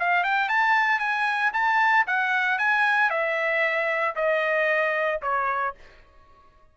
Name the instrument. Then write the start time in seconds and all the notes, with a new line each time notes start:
trumpet
0.00 F5
0.24 G5
0.49 A5
1.00 G#5
1.54 A5
2.07 F#5
2.59 G#5
3.11 E5
4.16 D#5
5.22 C#5